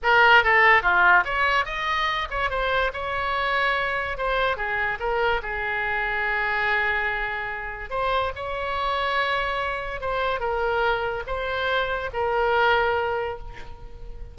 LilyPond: \new Staff \with { instrumentName = "oboe" } { \time 4/4 \tempo 4 = 144 ais'4 a'4 f'4 cis''4 | dis''4. cis''8 c''4 cis''4~ | cis''2 c''4 gis'4 | ais'4 gis'2.~ |
gis'2. c''4 | cis''1 | c''4 ais'2 c''4~ | c''4 ais'2. | }